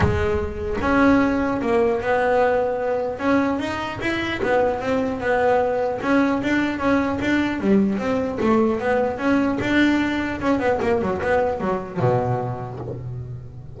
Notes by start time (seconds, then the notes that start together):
0.00 G#3
0.81 C#4
1.61 A#3
2.01 B3
3.19 C#4
3.59 D#4
4.00 E4
4.42 B3
4.80 C4
5.20 B3
6.02 C#4
6.42 D4
6.78 C#4
7.21 D4
7.60 G3
7.98 C4
8.40 A3
8.79 B3
9.18 C#4
9.60 D4
10.41 C#4
10.59 B3
10.81 A#3
11.01 F#3
11.21 B3
11.60 F#3
11.99 B2